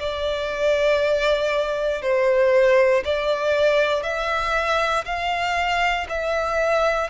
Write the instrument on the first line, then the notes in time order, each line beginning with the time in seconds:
violin
0.00 D5
2.02 C5
3.05 D5
4.03 E5
5.05 F5
6.09 E5